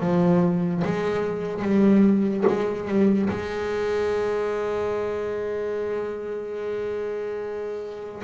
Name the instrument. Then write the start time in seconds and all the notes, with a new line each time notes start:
double bass
0.00 F3
0.84 G#3
1.62 G3
2.47 G#3
2.88 G3
3.30 G#3